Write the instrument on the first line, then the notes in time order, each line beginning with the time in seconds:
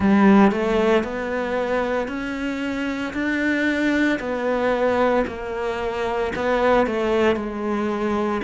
cello
0.00 G3
0.51 A3
1.03 B3
2.08 C#4
3.13 D4
4.19 B3
5.27 A#3
6.35 B3
6.86 A3
7.35 G#3